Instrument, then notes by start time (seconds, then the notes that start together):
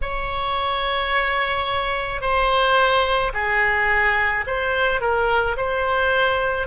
oboe
0.02 C#5
2.21 C5
3.33 G#4
4.46 C5
5.01 A#4
5.57 C5